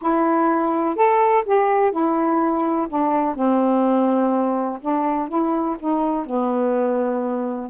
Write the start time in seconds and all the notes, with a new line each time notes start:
0.01 E4
0.95 A4
1.45 G4
1.91 E4
2.88 D4
3.35 C4
4.81 D4
5.28 E4
5.79 D#4
6.26 B3